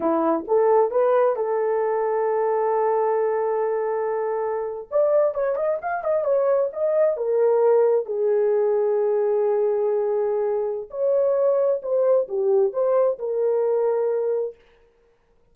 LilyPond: \new Staff \with { instrumentName = "horn" } { \time 4/4 \tempo 4 = 132 e'4 a'4 b'4 a'4~ | a'1~ | a'2~ a'8. d''4 cis''16~ | cis''16 dis''8 f''8 dis''8 cis''4 dis''4 ais'16~ |
ais'4.~ ais'16 gis'2~ gis'16~ | gis'1 | cis''2 c''4 g'4 | c''4 ais'2. | }